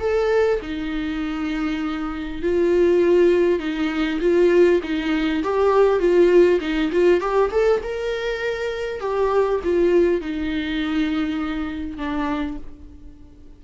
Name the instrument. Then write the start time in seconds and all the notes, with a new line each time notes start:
viola
0.00 A4
0.63 D#4
2.43 F4
3.59 D#4
4.21 F4
4.83 D#4
5.44 G4
6.00 F4
6.61 D#4
6.92 F4
7.21 G4
7.52 A4
7.83 A#4
9.01 G4
9.64 F4
10.21 D#4
11.98 D4